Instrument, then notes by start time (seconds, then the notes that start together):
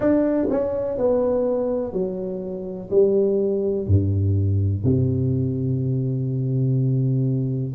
tuba
0.00 D4
0.50 C#4
0.97 B3
1.93 F#3
2.90 G3
3.87 G2
4.84 C3